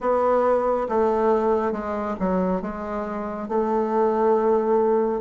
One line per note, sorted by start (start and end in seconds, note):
0.00 0.87 B3
0.89 1.72 A3
1.72 2.15 G#3
2.19 2.61 F#3
2.61 3.48 G#3
3.48 5.21 A3